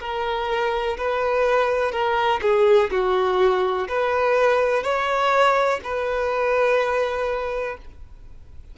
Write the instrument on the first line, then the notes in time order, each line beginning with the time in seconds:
violin
0.00 A#4
0.97 B4
1.92 A#4
2.42 G#4
2.91 F#4
3.88 B4
4.83 C#5
5.84 B4